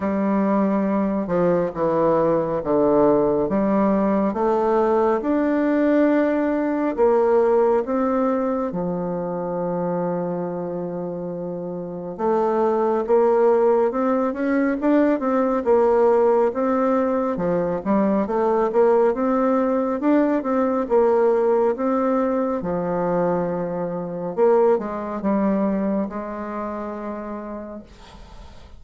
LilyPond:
\new Staff \with { instrumentName = "bassoon" } { \time 4/4 \tempo 4 = 69 g4. f8 e4 d4 | g4 a4 d'2 | ais4 c'4 f2~ | f2 a4 ais4 |
c'8 cis'8 d'8 c'8 ais4 c'4 | f8 g8 a8 ais8 c'4 d'8 c'8 | ais4 c'4 f2 | ais8 gis8 g4 gis2 | }